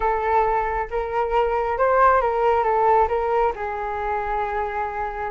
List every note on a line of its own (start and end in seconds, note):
0.00 0.88 A4
0.90 1.78 A#4
1.78 2.21 C5
2.21 2.63 A#4
2.63 3.07 A4
3.08 3.52 A#4
3.55 5.30 G#4